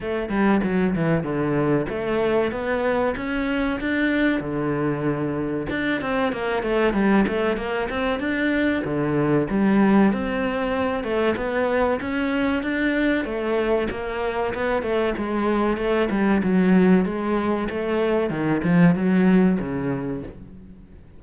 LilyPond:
\new Staff \with { instrumentName = "cello" } { \time 4/4 \tempo 4 = 95 a8 g8 fis8 e8 d4 a4 | b4 cis'4 d'4 d4~ | d4 d'8 c'8 ais8 a8 g8 a8 | ais8 c'8 d'4 d4 g4 |
c'4. a8 b4 cis'4 | d'4 a4 ais4 b8 a8 | gis4 a8 g8 fis4 gis4 | a4 dis8 f8 fis4 cis4 | }